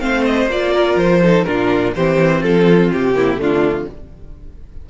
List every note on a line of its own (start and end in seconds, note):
0.00 0.47 A3
0.00 0.48 C4
0.00 0.73 C5
0.00 0.25 F5
0.26 0.50 D#5
0.47 0.96 A#3
0.47 1.23 F4
0.47 0.98 D5
0.73 1.21 A#4
0.96 1.45 F3
0.96 1.45 C5
1.23 1.46 D#4
1.23 1.47 A4
1.45 1.95 A#2
1.45 1.95 D4
1.45 1.95 F4
1.45 1.93 A#4
1.95 2.44 E3
1.95 3.16 C4
1.95 2.41 G4
1.95 2.43 C5
2.41 2.92 F3
2.41 3.14 F4
2.41 2.91 A4
2.93 3.37 C3
2.93 3.41 G4
3.16 3.39 A#3
3.16 3.41 E4
3.37 3.86 D3
3.37 3.87 A3
3.37 3.90 D4
3.37 3.90 F4